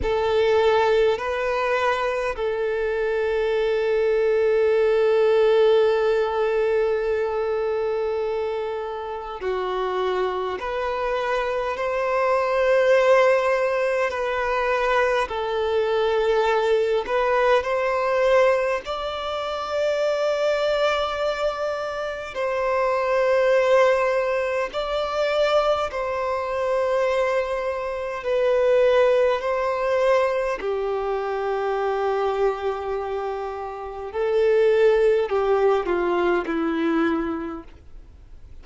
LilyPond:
\new Staff \with { instrumentName = "violin" } { \time 4/4 \tempo 4 = 51 a'4 b'4 a'2~ | a'1 | fis'4 b'4 c''2 | b'4 a'4. b'8 c''4 |
d''2. c''4~ | c''4 d''4 c''2 | b'4 c''4 g'2~ | g'4 a'4 g'8 f'8 e'4 | }